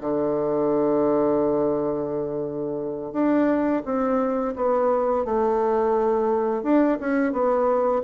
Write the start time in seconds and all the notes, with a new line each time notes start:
0.00 D3
3.12 D4
3.84 C4
4.55 B3
5.25 A3
6.63 D4
7.00 C#4
7.32 B3